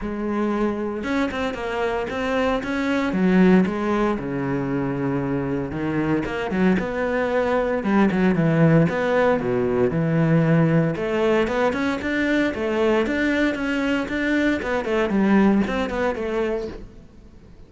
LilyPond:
\new Staff \with { instrumentName = "cello" } { \time 4/4 \tempo 4 = 115 gis2 cis'8 c'8 ais4 | c'4 cis'4 fis4 gis4 | cis2. dis4 | ais8 fis8 b2 g8 fis8 |
e4 b4 b,4 e4~ | e4 a4 b8 cis'8 d'4 | a4 d'4 cis'4 d'4 | b8 a8 g4 c'8 b8 a4 | }